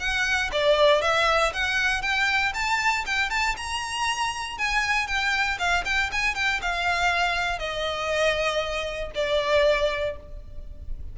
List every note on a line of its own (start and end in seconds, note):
0.00 0.51 F#5
0.52 1.02 D5
1.02 1.53 E5
1.53 2.02 F#5
2.02 2.53 G5
2.54 3.05 A5
3.06 3.30 G5
3.30 3.56 A5
3.57 4.59 A#5
4.59 5.08 G#5
5.08 5.58 G5
5.59 5.84 F5
5.85 6.11 G5
6.12 6.35 G#5
6.35 6.61 G5
6.62 7.59 F5
7.59 9.12 D#5
9.15 10.17 D5